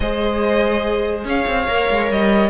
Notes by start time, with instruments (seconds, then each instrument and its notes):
0.00 cello G#3, viola G#4, violin C5 D#5
1.24 cello C#4, violin C#5 F5
1.47 cello C4
1.67 cello A#3, viola A#4
1.90 cello G#3
2.11 cello G3, violin D#5